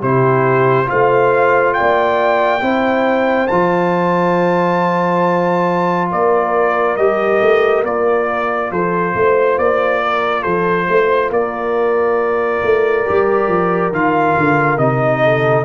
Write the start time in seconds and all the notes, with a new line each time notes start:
0.00 C3 E4 G4 C5
0.86 F4 C5 F5
0.92 A3
1.74 D5 G5
1.80 A#3
2.61 C4 E4 C5
3.47 F3 F4 A5
6.11 A#3 A#4 D5
6.97 G3 G4 D#5
7.42 A3
7.84 A#3 F4 D5
8.71 F3 A4 C5
9.15 A3 C5
9.58 A#3 D5
10.02 A#4
10.42 F3 A4 C5
10.89 A3 C5
11.31 A#3 A#4 D5
12.63 A3
13.06 G3 G4
13.48 F3
13.92 D#3 F4 F5
14.38 D3
14.77 C3 D#4 D#5
15.23 A4